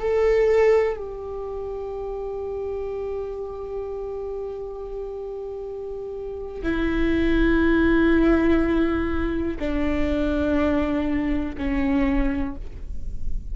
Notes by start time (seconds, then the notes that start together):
0.00 A4
0.97 G4
6.63 E4
9.59 D4
11.58 C#4